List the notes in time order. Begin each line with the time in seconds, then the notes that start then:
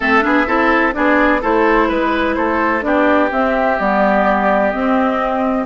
0.00 A3 C4 A4 E5
0.21 B3 D4 G#4
0.46 C4 E4 A4
0.93 B3 D4 G#4 D5
1.41 A3 E4 A4 C5
1.88 G#3 B4
2.34 A3 A4 C5
2.81 B3 D4 G4 D5
3.30 C4 E5
3.79 G3 B3 D5
4.70 C4 D#5